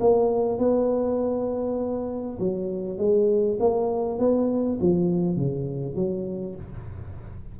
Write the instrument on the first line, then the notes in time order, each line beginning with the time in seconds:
tuba
0.00 A#3
0.58 B3
2.39 F#3
2.98 G#3
3.60 A#3
4.19 B3
4.80 F3
5.36 C#3
5.95 F#3